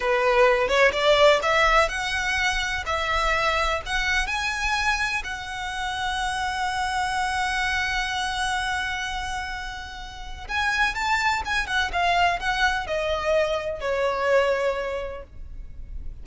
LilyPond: \new Staff \with { instrumentName = "violin" } { \time 4/4 \tempo 4 = 126 b'4. cis''8 d''4 e''4 | fis''2 e''2 | fis''4 gis''2 fis''4~ | fis''1~ |
fis''1~ | fis''2 gis''4 a''4 | gis''8 fis''8 f''4 fis''4 dis''4~ | dis''4 cis''2. | }